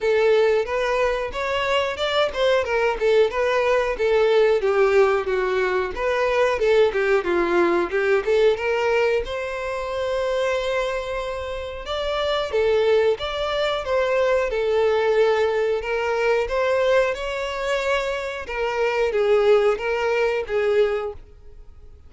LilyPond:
\new Staff \with { instrumentName = "violin" } { \time 4/4 \tempo 4 = 91 a'4 b'4 cis''4 d''8 c''8 | ais'8 a'8 b'4 a'4 g'4 | fis'4 b'4 a'8 g'8 f'4 | g'8 a'8 ais'4 c''2~ |
c''2 d''4 a'4 | d''4 c''4 a'2 | ais'4 c''4 cis''2 | ais'4 gis'4 ais'4 gis'4 | }